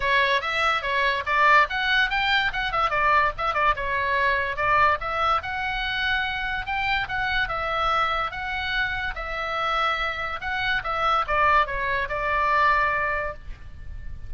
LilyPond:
\new Staff \with { instrumentName = "oboe" } { \time 4/4 \tempo 4 = 144 cis''4 e''4 cis''4 d''4 | fis''4 g''4 fis''8 e''8 d''4 | e''8 d''8 cis''2 d''4 | e''4 fis''2. |
g''4 fis''4 e''2 | fis''2 e''2~ | e''4 fis''4 e''4 d''4 | cis''4 d''2. | }